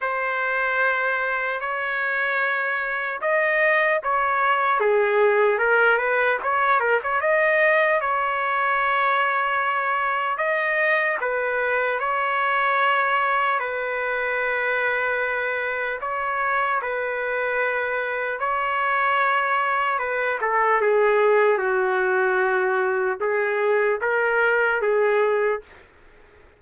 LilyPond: \new Staff \with { instrumentName = "trumpet" } { \time 4/4 \tempo 4 = 75 c''2 cis''2 | dis''4 cis''4 gis'4 ais'8 b'8 | cis''8 ais'16 cis''16 dis''4 cis''2~ | cis''4 dis''4 b'4 cis''4~ |
cis''4 b'2. | cis''4 b'2 cis''4~ | cis''4 b'8 a'8 gis'4 fis'4~ | fis'4 gis'4 ais'4 gis'4 | }